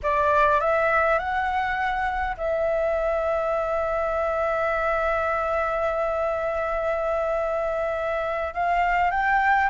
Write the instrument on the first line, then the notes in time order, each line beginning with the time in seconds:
flute
0.03 D5
0.60 E5
1.18 F#5
2.37 E5
8.53 F5
9.10 G5